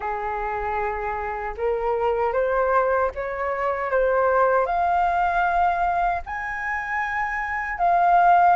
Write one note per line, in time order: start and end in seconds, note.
0.00 1.54 G#4
1.57 2.32 A#4
2.32 3.10 C5
3.14 3.90 C#5
3.90 4.66 C5
4.66 6.22 F5
6.26 7.78 G#5
7.78 8.56 F5